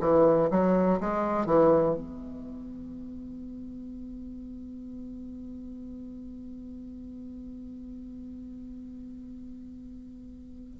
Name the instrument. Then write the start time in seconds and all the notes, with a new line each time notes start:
bassoon
0.00 E3
0.51 F#3
1.00 G#3
1.45 E3
1.94 B3